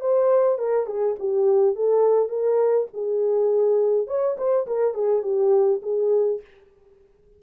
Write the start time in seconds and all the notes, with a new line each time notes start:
0.00 C5
0.58 A#4
0.86 G#4
1.19 G4
1.75 A4
2.29 A#4
2.93 G#4
4.07 C#5
4.37 C5
4.67 A#4
4.94 G#4
5.22 G4
5.82 G#4